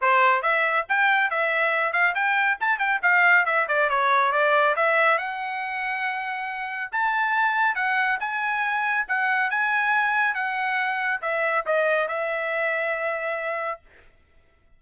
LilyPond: \new Staff \with { instrumentName = "trumpet" } { \time 4/4 \tempo 4 = 139 c''4 e''4 g''4 e''4~ | e''8 f''8 g''4 a''8 g''8 f''4 | e''8 d''8 cis''4 d''4 e''4 | fis''1 |
a''2 fis''4 gis''4~ | gis''4 fis''4 gis''2 | fis''2 e''4 dis''4 | e''1 | }